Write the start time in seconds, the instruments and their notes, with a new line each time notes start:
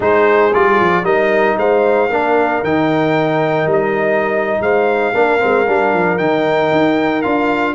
0.00 tuba G#3, trombone D#4, horn G#4, trumpet C5
0.53 tuba G3, trombone F4, trumpet D5
0.80 tuba F3
1.03 tuba G3, trombone D#4, horn A#4, trumpet D#5
1.57 tuba G#3, horn C5, trumpet F5
2.09 tuba A#3, trombone D4, horn A#4
2.63 tuba D#3, trombone D#4, trumpet G5
3.66 tuba G3
3.72 trumpet D#5
4.60 tuba G#3, horn C5, trumpet F5
5.14 tuba A#3, trombone D4, horn A#4
5.39 tuba G#3, trombone C4
5.66 tuba G3, trombone D4
5.93 tuba F3
6.17 tuba D#3, trombone D#4, trumpet G5
6.71 tuba D#4
7.21 tuba D4, trombone F4, trumpet F5